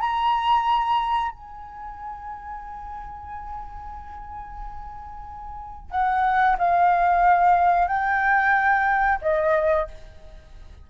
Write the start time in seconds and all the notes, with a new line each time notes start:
0.00 A#5
1.31 G#5
5.90 F#5
6.58 F5
7.87 G5
9.21 D#5